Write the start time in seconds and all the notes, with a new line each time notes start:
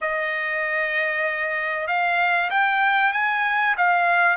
0.01 D#5
1.87 F5
2.50 G5
3.12 G#5
3.77 F5